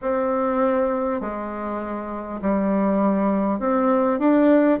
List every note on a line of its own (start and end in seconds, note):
0.01 1.21 C4
1.21 2.41 G#3
2.41 3.59 G3
3.59 4.19 C4
4.19 4.79 D4